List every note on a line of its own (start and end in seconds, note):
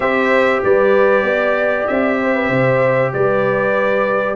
0.00 0.63 C4
0.00 4.35 G4
0.00 0.63 C5
0.00 0.63 E5
0.63 1.23 G3
0.63 1.26 B4
0.63 1.87 D5
1.23 1.85 B3
1.23 2.19 D5
1.87 2.49 C4
1.87 3.12 E5
2.21 2.35 C5
2.35 2.49 B4
2.49 3.12 C3
2.49 3.11 C5
3.13 4.35 G3
3.13 4.35 B4
3.13 4.35 D5